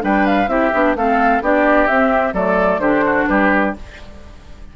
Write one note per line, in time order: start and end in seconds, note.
0.00 0.47 G3
0.00 0.47 D4
0.00 0.50 B4
0.00 0.26 G5
0.26 0.47 F5
0.47 0.70 C4
0.47 0.71 E4
0.47 0.96 G4
0.47 0.94 E5
0.73 0.95 B3
0.73 0.96 D4
0.95 1.40 A3
0.95 1.42 C4
0.95 1.43 A4
0.95 1.43 F5
1.40 1.87 B3
1.40 1.88 D4
1.40 2.34 G4
1.40 1.87 D5
1.87 2.34 C4
1.87 2.33 C4
1.87 2.33 E5
2.33 2.78 F#3
2.33 2.80 A3
2.33 2.80 A4
2.33 2.79 D5
2.78 3.24 D3
2.78 3.75 D4
2.78 3.04 G4
2.78 3.25 C5
3.05 3.28 F#4
3.27 3.75 G3
3.27 3.75 G4
3.27 3.73 B4